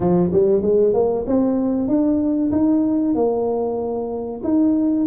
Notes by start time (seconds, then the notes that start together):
0.00 F3
0.32 G3
0.61 G#3
0.93 A#3
1.26 C4
1.88 D4
2.51 D#4
3.14 A#3
4.43 D#4